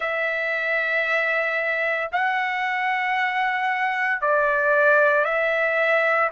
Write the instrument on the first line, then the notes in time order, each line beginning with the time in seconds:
trumpet
0.00 E5
2.11 F#5
4.21 D5
5.24 E5